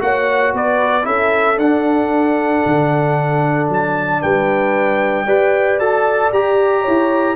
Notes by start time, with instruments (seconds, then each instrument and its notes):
0.00 tuba A#3, trombone F#4, horn C#5, trumpet F#5
0.54 tuba B3, horn B4, trumpet D5
1.03 tuba C#4, trombone E4, horn A4, trumpet E5
1.58 tuba D4, trombone D4, trumpet F#5
2.66 tuba D3
3.70 tuba F#3, trumpet A5
4.21 tuba G3, horn B4, trumpet G5
5.26 tuba G4, trombone B4, horn D5
5.79 tuba F#4, trombone A4, trumpet A5
6.33 tuba G4, trombone G4, trumpet A#5
6.82 tuba E4, horn C#5